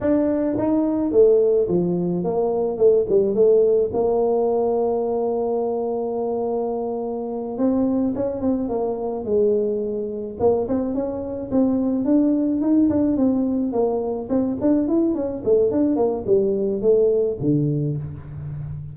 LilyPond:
\new Staff \with { instrumentName = "tuba" } { \time 4/4 \tempo 4 = 107 d'4 dis'4 a4 f4 | ais4 a8 g8 a4 ais4~ | ais1~ | ais4. c'4 cis'8 c'8 ais8~ |
ais8 gis2 ais8 c'8 cis'8~ | cis'8 c'4 d'4 dis'8 d'8 c'8~ | c'8 ais4 c'8 d'8 e'8 cis'8 a8 | d'8 ais8 g4 a4 d4 | }